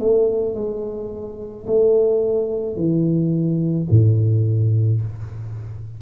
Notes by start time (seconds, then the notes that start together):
0.00 A3
0.55 G#3
1.67 A3
2.77 E3
3.91 A2